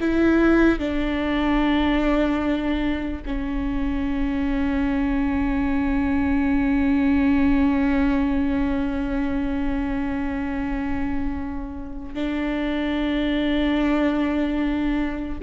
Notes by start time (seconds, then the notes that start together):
0.00 E4
0.79 D4
3.26 C#4
12.14 D4